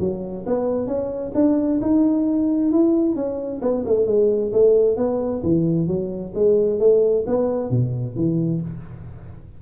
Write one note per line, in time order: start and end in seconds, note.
0.00 0.45 F#3
0.46 0.87 B3
0.87 1.33 C#4
1.35 1.80 D4
1.82 2.72 D#4
2.72 3.15 E4
3.15 3.61 C#4
3.62 3.85 B3
3.86 4.07 A3
4.07 4.52 G#3
4.53 4.97 A3
4.97 5.42 B3
5.43 5.88 E3
5.88 6.33 F#3
6.35 6.80 G#3
6.80 7.25 A3
7.27 7.70 B3
7.70 8.16 B2
8.16 8.61 E3